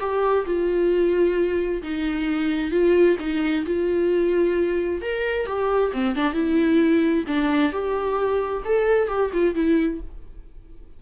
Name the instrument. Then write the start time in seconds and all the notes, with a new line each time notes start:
viola
0.00 G4
0.46 F4
1.83 D#4
2.72 F4
3.20 D#4
3.66 F4
5.02 A#4
5.47 G4
5.93 C4
6.16 D4
6.34 E4
7.27 D4
7.73 G4
8.65 A4
9.08 G4
9.33 F4
9.55 E4